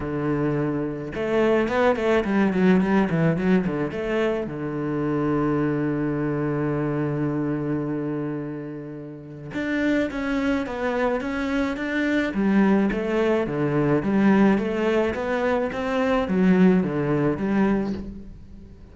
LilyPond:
\new Staff \with { instrumentName = "cello" } { \time 4/4 \tempo 4 = 107 d2 a4 b8 a8 | g8 fis8 g8 e8 fis8 d8 a4 | d1~ | d1~ |
d4 d'4 cis'4 b4 | cis'4 d'4 g4 a4 | d4 g4 a4 b4 | c'4 fis4 d4 g4 | }